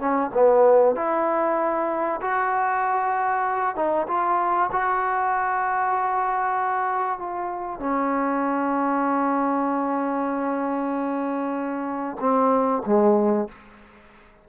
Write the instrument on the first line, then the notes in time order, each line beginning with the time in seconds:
trombone
0.00 C#4
0.34 B3
0.96 E4
2.22 F#4
3.76 D#4
4.08 F4
4.72 F#4
7.19 F4
7.80 C#4
12.20 C4
12.86 G#3